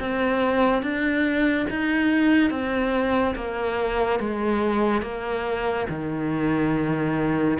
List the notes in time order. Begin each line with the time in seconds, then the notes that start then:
0.00 C4
0.83 D4
1.70 D#4
2.50 C4
3.35 A#3
4.20 G#3
5.02 A#3
5.90 D#3